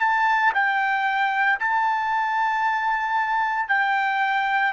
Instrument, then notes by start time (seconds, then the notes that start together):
trumpet
0.00 A5
0.54 G5
1.59 A5
3.68 G5